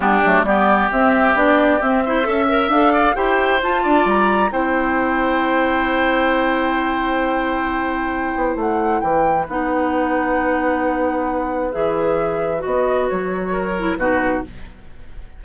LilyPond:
<<
  \new Staff \with { instrumentName = "flute" } { \time 4/4 \tempo 4 = 133 g'4 d''4 e''4 d''4 | e''2 f''4 g''4 | a''4 ais''4 g''2~ | g''1~ |
g''2. fis''4 | g''4 fis''2.~ | fis''2 e''2 | dis''4 cis''2 b'4 | }
  \new Staff \with { instrumentName = "oboe" } { \time 4/4 d'4 g'2.~ | g'8 c''8 e''4. d''8 c''4~ | c''8 d''4. c''2~ | c''1~ |
c''1 | b'1~ | b'1~ | b'2 ais'4 fis'4 | }
  \new Staff \with { instrumentName = "clarinet" } { \time 4/4 b8 a8 b4 c'4 d'4 | c'8 e'8 a'8 ais'8 a'4 g'4 | f'2 e'2~ | e'1~ |
e'1~ | e'4 dis'2.~ | dis'2 gis'2 | fis'2~ fis'8 e'8 dis'4 | }
  \new Staff \with { instrumentName = "bassoon" } { \time 4/4 g8 fis8 g4 c'4 b4 | c'4 cis'4 d'4 e'4 | f'8 d'8 g4 c'2~ | c'1~ |
c'2~ c'8 b8 a4 | e4 b2.~ | b2 e2 | b4 fis2 b,4 | }
>>